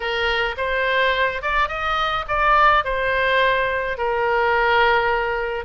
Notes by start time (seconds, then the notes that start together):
0.00 A#4
0.57 C5
1.42 D5
1.68 D#5
2.28 D5
2.84 C5
3.97 A#4